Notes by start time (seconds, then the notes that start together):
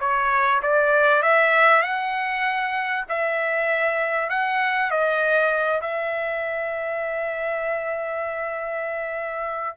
0.00 C#5
0.63 D5
1.22 E5
1.82 F#5
3.09 E5
4.30 F#5
4.91 D#5
5.81 E5